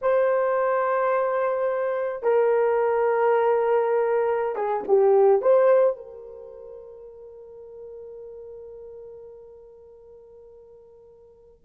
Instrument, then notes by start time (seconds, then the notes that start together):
horn
0.01 C5
2.22 A#4
4.55 G#4
4.87 G4
5.41 C5
5.96 A#4